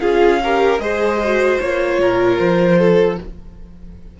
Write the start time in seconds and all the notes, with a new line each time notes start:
0.00 C#4 F4 G#4 F5
0.43 G4 A#4
0.79 G#3 G#4 C5 D#5
1.24 F#4
1.60 A#3 F4 C#5
1.98 A#2 A#4
2.38 F3 C5
2.78 A4